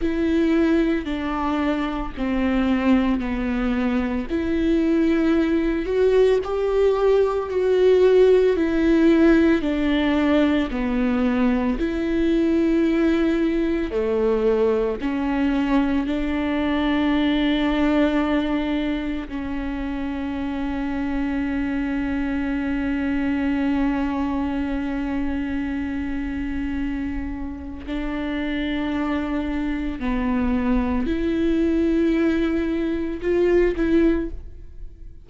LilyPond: \new Staff \with { instrumentName = "viola" } { \time 4/4 \tempo 4 = 56 e'4 d'4 c'4 b4 | e'4. fis'8 g'4 fis'4 | e'4 d'4 b4 e'4~ | e'4 a4 cis'4 d'4~ |
d'2 cis'2~ | cis'1~ | cis'2 d'2 | b4 e'2 f'8 e'8 | }